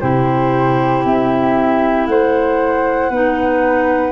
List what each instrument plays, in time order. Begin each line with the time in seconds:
0.00 tuba C3, clarinet E4, flute G4 C5
1.05 tuba C4, flute E5
2.06 tuba A3, flute C5 F#5
3.10 tuba B3, clarinet D#4, flute B4